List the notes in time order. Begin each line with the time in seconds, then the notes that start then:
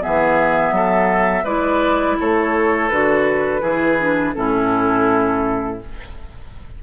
0.00 E3 B3 G#4 E5
0.71 F#3 A4
1.44 G#3 E4 B4 D5
2.19 A3 A4 C#5
2.89 D3 F#4 B4
3.61 E3 E4 G#4
3.99 D4
4.34 A2 C#4 E4 A4